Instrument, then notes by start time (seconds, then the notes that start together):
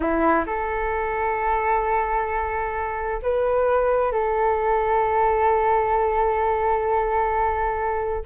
flute
0.00 E4
0.46 A4
3.22 B4
4.12 A4